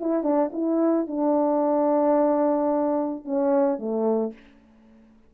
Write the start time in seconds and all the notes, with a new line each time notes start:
0.00 E4
0.23 D4
0.53 E4
1.07 D4
3.25 C#4
3.79 A3